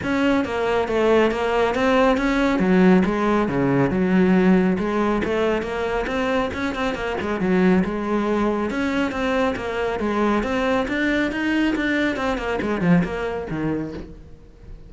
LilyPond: \new Staff \with { instrumentName = "cello" } { \time 4/4 \tempo 4 = 138 cis'4 ais4 a4 ais4 | c'4 cis'4 fis4 gis4 | cis4 fis2 gis4 | a4 ais4 c'4 cis'8 c'8 |
ais8 gis8 fis4 gis2 | cis'4 c'4 ais4 gis4 | c'4 d'4 dis'4 d'4 | c'8 ais8 gis8 f8 ais4 dis4 | }